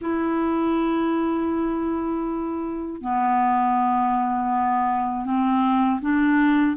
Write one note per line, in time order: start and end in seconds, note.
0.01 3.01 E4
3.01 5.25 B3
5.25 6.00 C4
6.01 6.76 D4